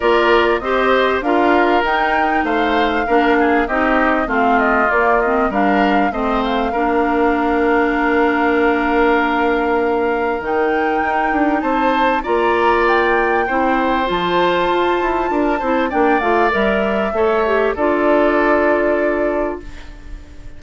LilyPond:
<<
  \new Staff \with { instrumentName = "flute" } { \time 4/4 \tempo 4 = 98 d''4 dis''4 f''4 g''4 | f''2 dis''4 f''8 dis''8 | d''8 dis''8 f''4 dis''8 f''4.~ | f''1~ |
f''4 g''2 a''4 | ais''4 g''2 a''4~ | a''2 g''8 f''8 e''4~ | e''4 d''2. | }
  \new Staff \with { instrumentName = "oboe" } { \time 4/4 ais'4 c''4 ais'2 | c''4 ais'8 gis'8 g'4 f'4~ | f'4 ais'4 c''4 ais'4~ | ais'1~ |
ais'2. c''4 | d''2 c''2~ | c''4 ais'8 c''8 d''2 | cis''4 a'2. | }
  \new Staff \with { instrumentName = "clarinet" } { \time 4/4 f'4 g'4 f'4 dis'4~ | dis'4 d'4 dis'4 c'4 | ais8 c'8 d'4 c'4 d'4~ | d'1~ |
d'4 dis'2. | f'2 e'4 f'4~ | f'4. e'8 d'8 f'8 ais'4 | a'8 g'8 f'2. | }
  \new Staff \with { instrumentName = "bassoon" } { \time 4/4 ais4 c'4 d'4 dis'4 | a4 ais4 c'4 a4 | ais4 g4 a4 ais4~ | ais1~ |
ais4 dis4 dis'8 d'8 c'4 | ais2 c'4 f4 | f'8 e'8 d'8 c'8 ais8 a8 g4 | a4 d'2. | }
>>